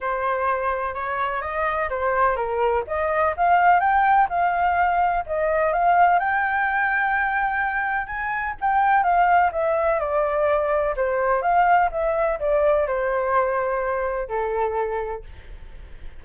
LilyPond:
\new Staff \with { instrumentName = "flute" } { \time 4/4 \tempo 4 = 126 c''2 cis''4 dis''4 | c''4 ais'4 dis''4 f''4 | g''4 f''2 dis''4 | f''4 g''2.~ |
g''4 gis''4 g''4 f''4 | e''4 d''2 c''4 | f''4 e''4 d''4 c''4~ | c''2 a'2 | }